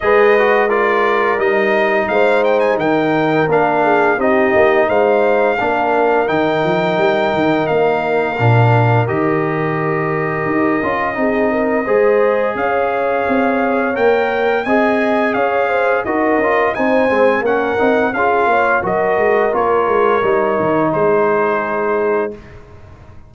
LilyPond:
<<
  \new Staff \with { instrumentName = "trumpet" } { \time 4/4 \tempo 4 = 86 dis''4 d''4 dis''4 f''8 g''16 gis''16 | g''4 f''4 dis''4 f''4~ | f''4 g''2 f''4~ | f''4 dis''2.~ |
dis''2 f''2 | g''4 gis''4 f''4 dis''4 | gis''4 fis''4 f''4 dis''4 | cis''2 c''2 | }
  \new Staff \with { instrumentName = "horn" } { \time 4/4 b'4 ais'2 c''4 | ais'4. gis'8 g'4 c''4 | ais'1~ | ais'1 |
gis'8 ais'8 c''4 cis''2~ | cis''4 dis''4 cis''8 c''8 ais'4 | c''4 ais'4 gis'8 cis''8 ais'4~ | ais'2 gis'2 | }
  \new Staff \with { instrumentName = "trombone" } { \time 4/4 gis'8 fis'8 f'4 dis'2~ | dis'4 d'4 dis'2 | d'4 dis'2. | d'4 g'2~ g'8 f'8 |
dis'4 gis'2. | ais'4 gis'2 fis'8 f'8 | dis'8 c'8 cis'8 dis'8 f'4 fis'4 | f'4 dis'2. | }
  \new Staff \with { instrumentName = "tuba" } { \time 4/4 gis2 g4 gis4 | dis4 ais4 c'8 ais8 gis4 | ais4 dis8 f8 g8 dis8 ais4 | ais,4 dis2 dis'8 cis'8 |
c'4 gis4 cis'4 c'4 | ais4 c'4 cis'4 dis'8 cis'8 | c'8 gis8 ais8 c'8 cis'8 ais8 fis8 gis8 | ais8 gis8 g8 dis8 gis2 | }
>>